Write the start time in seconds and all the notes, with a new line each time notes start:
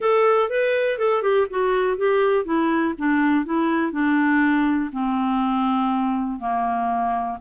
0.00 A4
0.49 B4
0.98 A4
1.22 G4
1.50 F#4
1.97 G4
2.45 E4
2.98 D4
3.45 E4
3.91 D4
4.92 C4
6.39 A#3